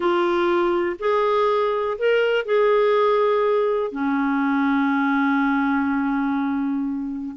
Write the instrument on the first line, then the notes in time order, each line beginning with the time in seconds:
clarinet
0.00 F4
0.99 G#4
1.98 A#4
2.45 G#4
3.91 C#4